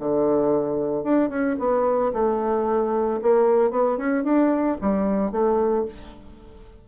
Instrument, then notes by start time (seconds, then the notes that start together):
bassoon
0.00 D3
1.04 D4
1.30 C#4
1.59 B3
2.14 A3
3.22 A#3
3.71 B3
3.98 C#4
4.24 D4
4.81 G3
5.32 A3